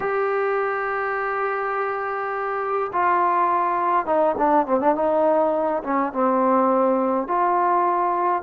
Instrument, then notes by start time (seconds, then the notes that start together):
trombone
0.00 G4
2.93 F4
4.06 D#4
4.37 D4
4.66 C4
4.80 D4
4.95 D#4
5.83 C#4
6.12 C4
7.27 F4